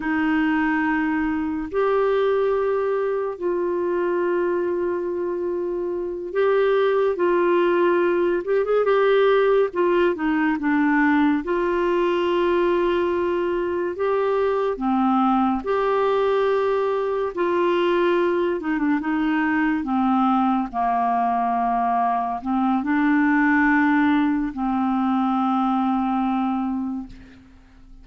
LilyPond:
\new Staff \with { instrumentName = "clarinet" } { \time 4/4 \tempo 4 = 71 dis'2 g'2 | f'2.~ f'8 g'8~ | g'8 f'4. g'16 gis'16 g'4 f'8 | dis'8 d'4 f'2~ f'8~ |
f'8 g'4 c'4 g'4.~ | g'8 f'4. dis'16 d'16 dis'4 c'8~ | c'8 ais2 c'8 d'4~ | d'4 c'2. | }